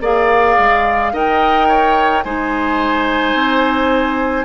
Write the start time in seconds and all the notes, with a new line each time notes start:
0.00 A#3 G#4 D5 F5
0.58 G#3
1.12 D#4 A#4 D#5 G5
1.68 C#5
2.23 G#3 D#4 C5 G#5
3.33 C4